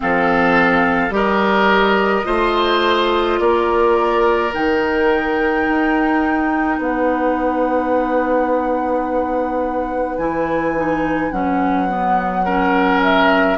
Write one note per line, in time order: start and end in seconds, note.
0.00 1.09 F3
0.00 1.10 C4
0.00 1.14 A4
0.00 1.14 F5
1.09 2.23 G3
1.09 2.23 G4
1.09 2.26 A#4
1.09 3.39 D#5
2.24 3.39 A3
2.24 4.50 F4
2.24 3.39 C5
3.39 4.52 A#3
3.39 6.79 A#4
3.39 4.52 D5
4.53 5.67 D#3
4.53 10.19 D#4
4.53 6.80 G5
5.67 6.78 D#4
6.78 10.17 B3
6.78 12.45 B4
6.78 10.18 F#5
10.17 11.31 E3
10.17 10.75 E4
10.17 11.31 G#5
10.75 11.31 D#4
11.31 13.58 F#3
11.31 11.88 C#4
11.31 13.00 F#5
11.88 12.44 B3
12.45 13.58 C#4
12.45 13.58 A#4
13.02 13.58 E5